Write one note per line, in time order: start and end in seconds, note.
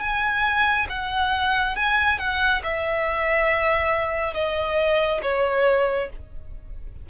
0.00 0.87 G#5
0.89 1.76 F#5
1.76 2.19 G#5
2.19 2.62 F#5
2.63 4.34 E5
4.34 5.21 D#5
5.22 6.09 C#5